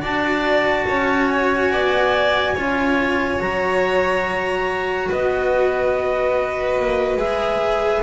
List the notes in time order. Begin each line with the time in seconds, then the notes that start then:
0.00 D4 F#4 D5 A5
0.87 C#4 C#5
1.29 G#5
1.71 B3 D5
2.54 C#4 F4 C#5
3.39 F#3 F#4 A#5
5.08 B3 B4 D#5
6.79 A#3
7.16 G#3 G#4 E5